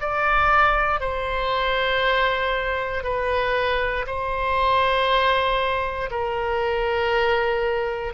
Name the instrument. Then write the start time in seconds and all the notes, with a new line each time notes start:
oboe
0.00 D5
1.00 C5
3.03 B4
4.06 C5
6.10 A#4